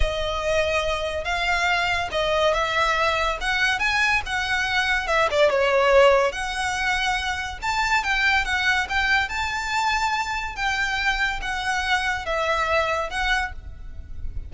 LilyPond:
\new Staff \with { instrumentName = "violin" } { \time 4/4 \tempo 4 = 142 dis''2. f''4~ | f''4 dis''4 e''2 | fis''4 gis''4 fis''2 | e''8 d''8 cis''2 fis''4~ |
fis''2 a''4 g''4 | fis''4 g''4 a''2~ | a''4 g''2 fis''4~ | fis''4 e''2 fis''4 | }